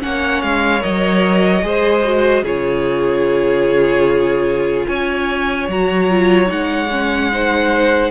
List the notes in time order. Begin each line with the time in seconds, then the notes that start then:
0.00 A#3 C#4 C#5 F#5
0.42 G#3 F5
0.80 F#3 A#4 D#5
1.63 G#3 G#4 C5
2.04 F#4
2.43 C#3 F4 G#4 C#5
4.86 C#4 C#5 G#5
5.69 F#3 F#4 A#5
6.10 F4
6.47 G#3 D#4 F#5
6.92 C#4
7.32 D#4 C5